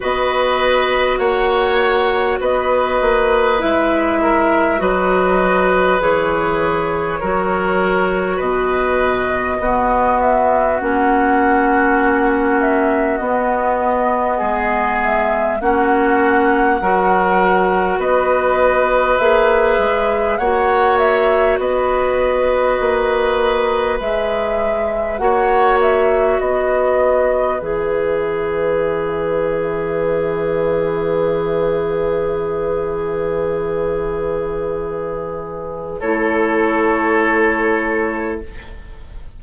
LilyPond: <<
  \new Staff \with { instrumentName = "flute" } { \time 4/4 \tempo 4 = 50 dis''4 fis''4 dis''4 e''4 | dis''4 cis''2 dis''4~ | dis''8 e''8 fis''4. e''8 dis''4~ | dis''8 e''8 fis''2 dis''4 |
e''4 fis''8 e''8 dis''2 | e''4 fis''8 e''8 dis''4 e''4~ | e''1~ | e''2 cis''2 | }
  \new Staff \with { instrumentName = "oboe" } { \time 4/4 b'4 cis''4 b'4. ais'8 | b'2 ais'4 b'4 | fis'1 | gis'4 fis'4 ais'4 b'4~ |
b'4 cis''4 b'2~ | b'4 cis''4 b'2~ | b'1~ | b'2 a'2 | }
  \new Staff \with { instrumentName = "clarinet" } { \time 4/4 fis'2. e'4 | fis'4 gis'4 fis'2 | b4 cis'2 b4~ | b4 cis'4 fis'2 |
gis'4 fis'2. | gis'4 fis'2 gis'4~ | gis'1~ | gis'2 e'2 | }
  \new Staff \with { instrumentName = "bassoon" } { \time 4/4 b4 ais4 b8 ais8 gis4 | fis4 e4 fis4 b,4 | b4 ais2 b4 | gis4 ais4 fis4 b4 |
ais8 gis8 ais4 b4 ais4 | gis4 ais4 b4 e4~ | e1~ | e2 a2 | }
>>